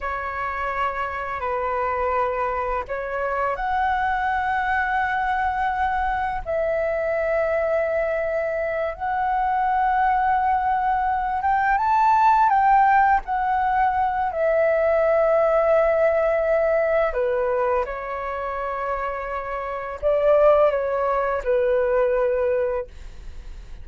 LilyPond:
\new Staff \with { instrumentName = "flute" } { \time 4/4 \tempo 4 = 84 cis''2 b'2 | cis''4 fis''2.~ | fis''4 e''2.~ | e''8 fis''2.~ fis''8 |
g''8 a''4 g''4 fis''4. | e''1 | b'4 cis''2. | d''4 cis''4 b'2 | }